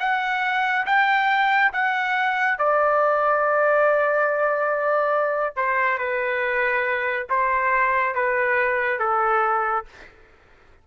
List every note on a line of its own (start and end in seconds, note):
0.00 0.86 F#5
0.86 1.72 G5
1.73 2.59 F#5
2.59 5.56 D5
5.56 5.98 C5
5.98 7.27 B4
7.30 8.15 C5
8.15 9.00 B4
9.00 9.86 A4